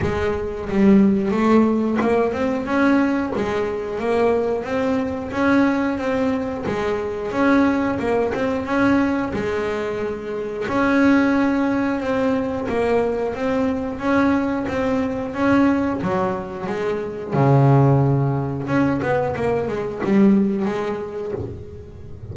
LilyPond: \new Staff \with { instrumentName = "double bass" } { \time 4/4 \tempo 4 = 90 gis4 g4 a4 ais8 c'8 | cis'4 gis4 ais4 c'4 | cis'4 c'4 gis4 cis'4 | ais8 c'8 cis'4 gis2 |
cis'2 c'4 ais4 | c'4 cis'4 c'4 cis'4 | fis4 gis4 cis2 | cis'8 b8 ais8 gis8 g4 gis4 | }